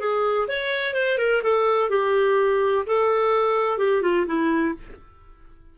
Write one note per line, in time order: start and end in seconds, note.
0.00 0.48 G#4
0.48 0.94 C#5
0.94 1.18 C5
1.18 1.42 A#4
1.43 1.90 A4
1.90 2.85 G4
2.86 3.78 A4
3.78 4.02 G4
4.02 4.26 F4
4.27 4.74 E4